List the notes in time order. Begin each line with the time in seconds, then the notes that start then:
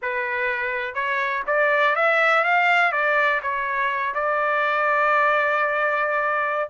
0.01 B4
0.94 C#5
1.46 D5
1.95 E5
2.44 F5
2.92 D5
3.42 C#5
4.14 D5